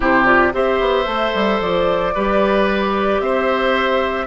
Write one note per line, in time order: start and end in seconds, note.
0.00 0.53 C3
0.00 0.24 E4
0.00 0.52 G4
0.00 0.25 C5
0.24 0.51 F4
0.24 0.52 D5
0.52 0.80 C4
0.52 1.05 G4
0.52 2.14 C5
0.52 1.61 E5
0.80 1.05 B3
1.05 1.32 A3
1.05 2.12 A4
1.34 1.60 G3
1.60 2.13 F3
1.60 3.20 D5
2.14 3.20 G3
2.14 4.26 G4
2.14 3.21 B4
3.20 4.26 C4
3.20 4.26 C5
3.20 4.26 E5